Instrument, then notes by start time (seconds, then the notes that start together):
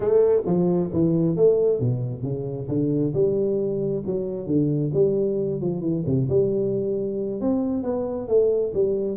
tuba
0.00 A3
0.45 F3
0.92 E3
1.36 A3
1.79 B2
2.22 C#3
2.67 D3
3.13 G3
4.06 F#3
4.46 D3
4.93 G3
5.60 F3
5.80 E3
6.06 C3
6.29 G3
7.40 C4
7.83 B3
8.28 A3
8.74 G3